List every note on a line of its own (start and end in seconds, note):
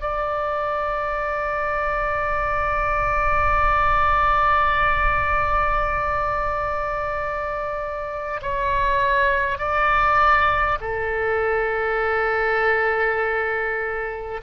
0.00 8.40 D5
8.41 9.58 C#5
9.58 10.78 D5
10.80 14.40 A4